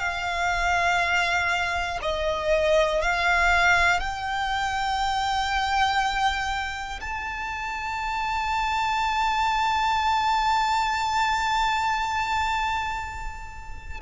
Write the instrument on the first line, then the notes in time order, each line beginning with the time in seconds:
violin
0.00 F5
2.02 D#5
3.02 F5
4.00 G5
7.01 A5